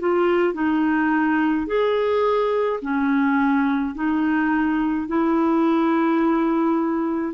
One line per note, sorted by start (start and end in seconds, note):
0.00 0.54 F4
0.54 1.67 D#4
1.67 2.80 G#4
2.82 3.95 C#4
3.95 5.08 D#4
5.08 7.34 E4